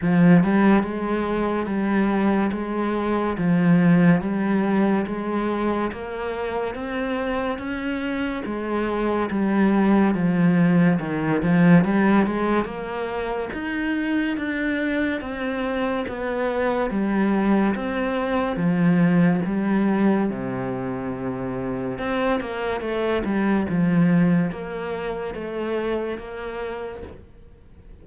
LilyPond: \new Staff \with { instrumentName = "cello" } { \time 4/4 \tempo 4 = 71 f8 g8 gis4 g4 gis4 | f4 g4 gis4 ais4 | c'4 cis'4 gis4 g4 | f4 dis8 f8 g8 gis8 ais4 |
dis'4 d'4 c'4 b4 | g4 c'4 f4 g4 | c2 c'8 ais8 a8 g8 | f4 ais4 a4 ais4 | }